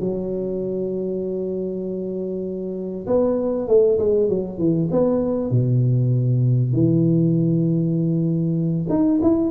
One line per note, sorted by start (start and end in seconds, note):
0.00 3.06 F#3
3.07 3.68 B3
3.68 3.99 A3
3.99 4.29 G#3
4.29 4.58 F#3
4.58 4.89 E3
4.91 5.51 B3
5.51 6.73 B2
6.73 8.87 E3
8.90 9.20 D#4
9.23 9.51 E4